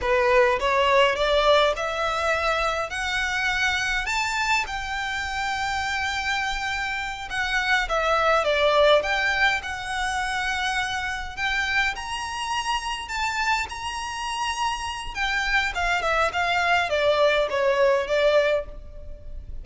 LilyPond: \new Staff \with { instrumentName = "violin" } { \time 4/4 \tempo 4 = 103 b'4 cis''4 d''4 e''4~ | e''4 fis''2 a''4 | g''1~ | g''8 fis''4 e''4 d''4 g''8~ |
g''8 fis''2. g''8~ | g''8 ais''2 a''4 ais''8~ | ais''2 g''4 f''8 e''8 | f''4 d''4 cis''4 d''4 | }